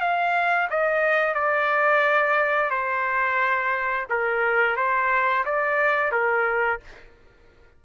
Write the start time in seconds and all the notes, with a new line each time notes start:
0.00 F5
0.69 D#5
1.34 D5
2.70 C5
4.09 A#4
4.76 C5
5.45 D5
6.11 A#4